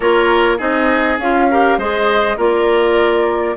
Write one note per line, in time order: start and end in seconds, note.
0.00 0.60 A#3
0.00 0.58 F4
0.00 0.57 A#4
0.00 0.58 C#5
0.57 1.18 C4
0.57 1.18 D#4
0.57 1.46 G#4
0.57 1.18 D#5
1.18 1.77 C#4
1.18 1.51 F4
1.18 1.78 F5
1.50 1.80 G4
1.50 1.78 A#4
1.77 2.37 G#3
1.77 2.37 G#4
1.77 2.37 C5
1.77 2.38 D#5
2.37 3.56 A#3
2.37 3.56 F4
2.37 3.56 A#4
2.37 3.57 D5